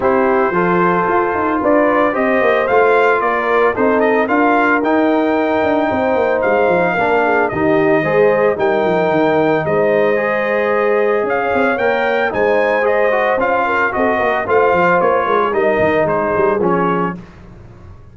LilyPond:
<<
  \new Staff \with { instrumentName = "trumpet" } { \time 4/4 \tempo 4 = 112 c''2. d''4 | dis''4 f''4 d''4 c''8 dis''8 | f''4 g''2. | f''2 dis''2 |
g''2 dis''2~ | dis''4 f''4 g''4 gis''4 | dis''4 f''4 dis''4 f''4 | cis''4 dis''4 c''4 cis''4 | }
  \new Staff \with { instrumentName = "horn" } { \time 4/4 g'4 a'2 b'4 | c''2 ais'4 a'4 | ais'2. c''4~ | c''4 ais'8 gis'8 g'4 c''4 |
ais'2 c''2~ | c''4 cis''2 c''4~ | c''4. ais'8 a'8 ais'8 c''4~ | c''8 ais'16 gis'16 ais'4 gis'2 | }
  \new Staff \with { instrumentName = "trombone" } { \time 4/4 e'4 f'2. | g'4 f'2 dis'4 | f'4 dis'2.~ | dis'4 d'4 dis'4 gis'4 |
dis'2. gis'4~ | gis'2 ais'4 dis'4 | gis'8 fis'8 f'4 fis'4 f'4~ | f'4 dis'2 cis'4 | }
  \new Staff \with { instrumentName = "tuba" } { \time 4/4 c'4 f4 f'8 dis'8 d'4 | c'8 ais8 a4 ais4 c'4 | d'4 dis'4. d'8 c'8 ais8 | gis8 f8 ais4 dis4 gis4 |
g8 f8 dis4 gis2~ | gis4 cis'8 c'8 ais4 gis4~ | gis4 cis'4 c'8 ais8 a8 f8 | ais8 gis8 g8 dis8 gis8 g8 f4 | }
>>